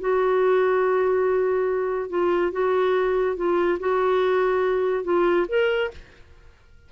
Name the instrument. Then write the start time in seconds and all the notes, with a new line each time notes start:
clarinet
0.00 F#4
2.10 F4
2.52 F#4
3.36 F4
3.80 F#4
5.04 F4
5.48 A#4